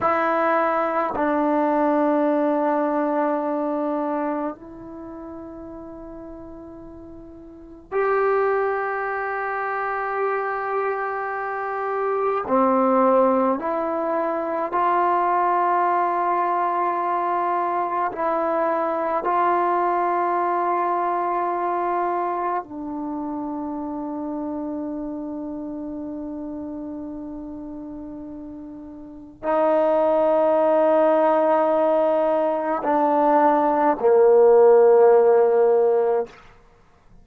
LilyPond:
\new Staff \with { instrumentName = "trombone" } { \time 4/4 \tempo 4 = 53 e'4 d'2. | e'2. g'4~ | g'2. c'4 | e'4 f'2. |
e'4 f'2. | d'1~ | d'2 dis'2~ | dis'4 d'4 ais2 | }